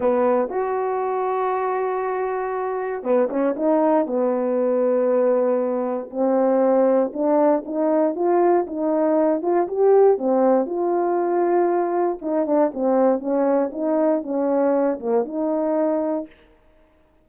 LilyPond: \new Staff \with { instrumentName = "horn" } { \time 4/4 \tempo 4 = 118 b4 fis'2.~ | fis'2 b8 cis'8 dis'4 | b1 | c'2 d'4 dis'4 |
f'4 dis'4. f'8 g'4 | c'4 f'2. | dis'8 d'8 c'4 cis'4 dis'4 | cis'4. ais8 dis'2 | }